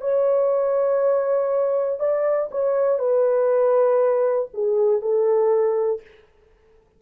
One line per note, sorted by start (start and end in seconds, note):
0.00 1.99 C#5
1.99 2.49 D5
2.51 2.99 C#5
2.99 4.49 B4
4.53 5.01 G#4
5.01 6.01 A4